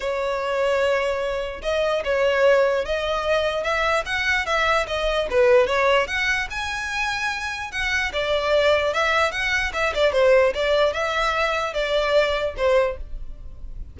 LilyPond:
\new Staff \with { instrumentName = "violin" } { \time 4/4 \tempo 4 = 148 cis''1 | dis''4 cis''2 dis''4~ | dis''4 e''4 fis''4 e''4 | dis''4 b'4 cis''4 fis''4 |
gis''2. fis''4 | d''2 e''4 fis''4 | e''8 d''8 c''4 d''4 e''4~ | e''4 d''2 c''4 | }